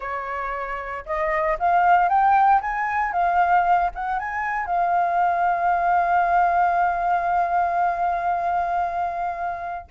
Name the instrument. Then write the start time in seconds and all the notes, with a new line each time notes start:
flute
0.00 C#5
1.05 D#5
1.59 F5
2.08 G5
2.61 G#5
3.12 F5
3.94 F#5
4.19 G#5
4.66 F5